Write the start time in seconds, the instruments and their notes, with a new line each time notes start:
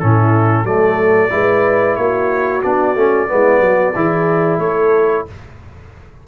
0.00 tuba A2, trombone C#4, horn E4, trumpet A4
0.64 tuba F#3, trombone A3, horn A4, trumpet D5
1.30 tuba G#3, trombone E4, horn B4
1.96 tuba A#3, horn F#4, trumpet C#5
2.63 tuba B3, trombone D4, trumpet D5
2.95 tuba A3, trombone C#4
3.28 tuba G#3, trombone B3, horn E4
3.60 tuba F#3, horn F#4
3.96 tuba E3, trombone E4, horn G#4
4.59 tuba A3, horn A4, trumpet C#5